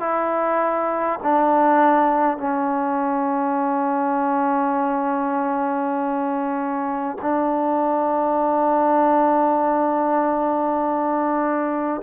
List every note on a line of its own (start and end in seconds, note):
0.00 1.20 E4
1.23 2.38 D4
2.38 7.18 C#4
7.22 12.02 D4